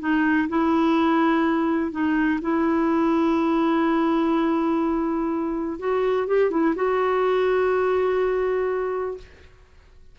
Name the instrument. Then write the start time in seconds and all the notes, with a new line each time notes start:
clarinet
0.00 D#4
0.49 E4
1.92 D#4
2.41 E4
5.79 F#4
6.28 G4
6.51 E4
6.76 F#4